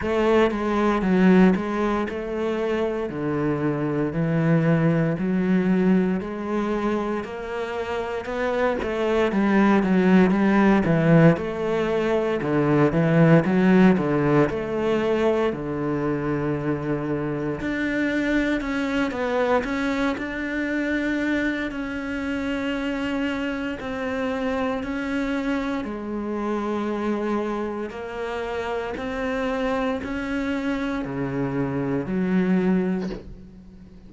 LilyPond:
\new Staff \with { instrumentName = "cello" } { \time 4/4 \tempo 4 = 58 a8 gis8 fis8 gis8 a4 d4 | e4 fis4 gis4 ais4 | b8 a8 g8 fis8 g8 e8 a4 | d8 e8 fis8 d8 a4 d4~ |
d4 d'4 cis'8 b8 cis'8 d'8~ | d'4 cis'2 c'4 | cis'4 gis2 ais4 | c'4 cis'4 cis4 fis4 | }